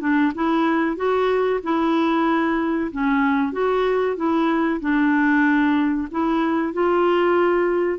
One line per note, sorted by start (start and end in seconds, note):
0.00 0.32 D4
0.34 0.96 E4
0.96 1.60 F#4
1.63 2.91 E4
2.91 3.52 C#4
3.52 4.16 F#4
4.16 4.80 E4
4.80 6.08 D4
6.11 6.73 E4
6.73 7.98 F4